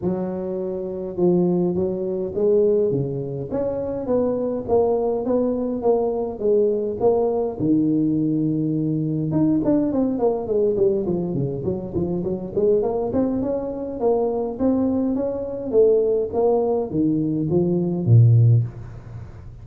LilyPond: \new Staff \with { instrumentName = "tuba" } { \time 4/4 \tempo 4 = 103 fis2 f4 fis4 | gis4 cis4 cis'4 b4 | ais4 b4 ais4 gis4 | ais4 dis2. |
dis'8 d'8 c'8 ais8 gis8 g8 f8 cis8 | fis8 f8 fis8 gis8 ais8 c'8 cis'4 | ais4 c'4 cis'4 a4 | ais4 dis4 f4 ais,4 | }